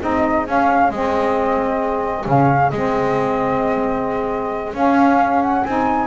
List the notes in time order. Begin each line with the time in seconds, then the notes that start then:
0.00 C4 D#4 G#4 D#5
0.45 C#4 F5
0.89 G#3 C4 D#5
2.25 C#3 C#4 F5
2.70 G#3 C4 D#5
4.73 C#4 F5
5.42 F#5
5.63 C4 D#4 G#5